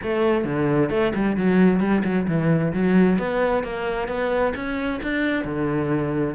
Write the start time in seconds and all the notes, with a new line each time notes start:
0.02 A3
0.44 D3
0.90 A3
1.14 G3
1.36 F#3
1.80 G3
2.04 F#3
2.27 E3
2.73 F#3
3.18 B3
3.63 A#3
4.08 B3
4.55 C#4
5.02 D4
5.44 D3